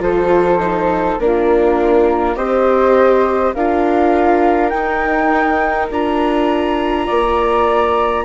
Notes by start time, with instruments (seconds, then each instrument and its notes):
0.00 bassoon F3, viola F4, flute A4 C5
0.60 viola D#4
1.19 bassoon A#3, viola D4, flute F4 A#4
2.36 bassoon C4, viola G4, flute C5 D#5
3.54 bassoon D4, viola F4, flute A#4 F5
4.69 viola D#4, bassoon D#4, flute G5
5.90 bassoon D4, viola F4, flute A#5
7.06 bassoon A#3, flute D5